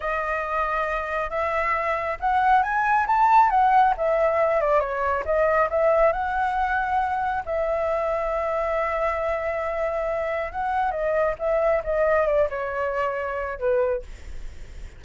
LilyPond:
\new Staff \with { instrumentName = "flute" } { \time 4/4 \tempo 4 = 137 dis''2. e''4~ | e''4 fis''4 gis''4 a''4 | fis''4 e''4. d''8 cis''4 | dis''4 e''4 fis''2~ |
fis''4 e''2.~ | e''1 | fis''4 dis''4 e''4 dis''4 | d''8 cis''2~ cis''8 b'4 | }